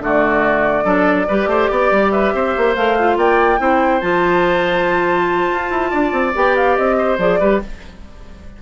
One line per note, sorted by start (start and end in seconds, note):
0.00 0.84 D3
0.00 0.84 A3
0.00 0.84 F#4
0.00 2.11 D5
0.84 1.27 F#3
0.84 1.26 D4
0.84 1.26 A4
1.28 1.47 G3
1.28 2.76 G4
1.28 1.49 B4
1.47 1.68 A3
1.47 1.71 C5
1.71 1.91 B3
1.71 2.12 D5
1.91 2.33 G3
2.11 2.34 B4
2.11 2.75 E5
2.34 2.55 C4
2.34 3.18 C5
2.57 2.76 A#3
2.75 3.17 A3
2.75 2.98 A#4
2.75 3.17 F5
2.99 3.59 F4
3.17 3.59 A#3
3.17 3.60 D5
3.17 4.01 G5
3.59 4.02 C4
3.59 4.01 E4
3.59 5.91 C5
4.01 5.50 F3
4.01 6.34 F4
4.01 6.33 A5
5.53 5.70 F4
5.70 5.92 E4
5.91 6.12 D4
5.91 6.96 D5
6.12 6.34 C4
6.34 6.78 B3
6.34 7.19 G4
6.34 6.56 G5
6.56 6.76 F5
6.76 7.18 C4
6.76 7.18 D#5
6.98 7.40 C5
7.18 7.40 F3
7.18 7.40 G#4
7.18 7.62 D5
7.40 7.62 G3
7.40 7.61 G4
7.40 7.61 B4